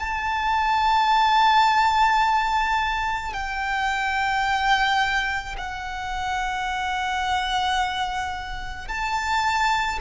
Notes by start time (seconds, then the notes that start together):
0.00 A5
3.34 G5
5.58 F#5
8.88 A5